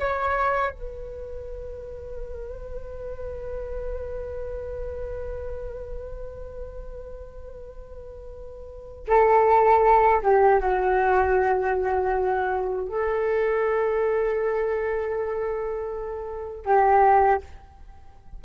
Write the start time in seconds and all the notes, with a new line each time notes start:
0.00 C#5
0.71 B4
9.08 A4
10.23 G4
10.61 F#4
12.88 A4
16.66 G4